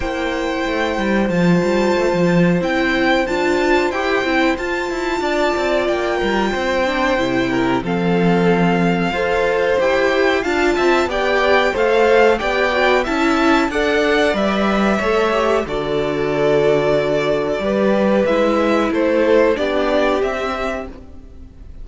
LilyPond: <<
  \new Staff \with { instrumentName = "violin" } { \time 4/4 \tempo 4 = 92 g''2 a''2 | g''4 a''4 g''4 a''4~ | a''4 g''2. | f''2. g''4 |
a''4 g''4 f''4 g''4 | a''4 fis''4 e''2 | d''1 | e''4 c''4 d''4 e''4 | }
  \new Staff \with { instrumentName = "violin" } { \time 4/4 c''1~ | c''1 | d''4. ais'8 c''4. ais'8 | a'2 c''2 |
f''8 e''8 d''4 c''4 d''4 | e''4 d''2 cis''4 | a'2. b'4~ | b'4 a'4 g'2 | }
  \new Staff \with { instrumentName = "viola" } { \time 4/4 e'2 f'2 | e'4 f'4 g'8 e'8 f'4~ | f'2~ f'8 d'8 e'4 | c'2 a'4 g'4 |
f'4 g'4 a'4 g'8 fis'8 | e'4 a'4 b'4 a'8 g'8 | fis'2. g'4 | e'2 d'4 c'4 | }
  \new Staff \with { instrumentName = "cello" } { \time 4/4 ais4 a8 g8 f8 g8 a16 f8. | c'4 d'4 e'8 c'8 f'8 e'8 | d'8 c'8 ais8 g8 c'4 c4 | f2 f'4 e'4 |
d'8 c'8 b4 a4 b4 | cis'4 d'4 g4 a4 | d2. g4 | gis4 a4 b4 c'4 | }
>>